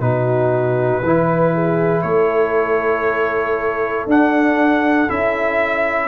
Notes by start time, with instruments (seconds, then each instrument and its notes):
0.00 tuba B2, trombone D#4, horn F#4, trumpet B4
1.03 tuba E3, trombone E4, horn B4
1.54 horn G#4
2.02 tuba A3, horn A4, trumpet C#5
4.06 tuba D4, trombone D4, trumpet F#5
5.08 tuba C#4, trombone E4, trumpet E5